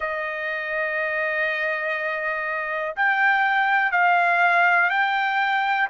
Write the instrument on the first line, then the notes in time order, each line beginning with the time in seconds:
trumpet
0.00 D#5
2.96 G5
3.91 F5
4.90 G5